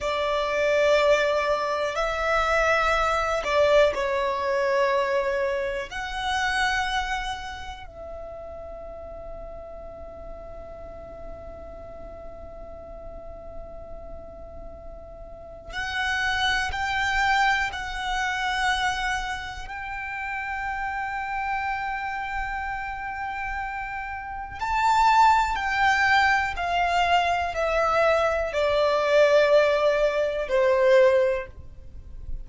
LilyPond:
\new Staff \with { instrumentName = "violin" } { \time 4/4 \tempo 4 = 61 d''2 e''4. d''8 | cis''2 fis''2 | e''1~ | e''1 |
fis''4 g''4 fis''2 | g''1~ | g''4 a''4 g''4 f''4 | e''4 d''2 c''4 | }